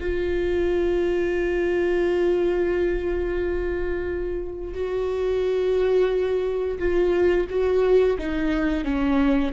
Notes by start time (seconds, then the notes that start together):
0.00 F4
4.74 F#4
6.78 F4
7.49 F#4
8.18 D#4
8.84 C#4